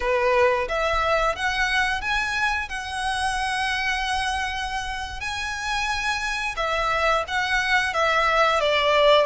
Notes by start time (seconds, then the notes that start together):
0.00 B4
0.68 E5
1.35 F#5
2.01 G#5
2.68 F#5
5.20 G#5
6.56 E5
7.27 F#5
7.93 E5
8.60 D5